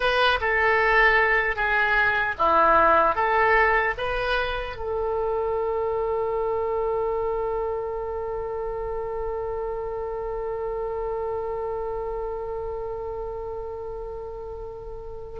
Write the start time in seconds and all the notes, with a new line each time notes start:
0.00 B4
0.41 A4
1.56 G#4
2.38 E4
3.15 A4
3.97 B4
4.76 A4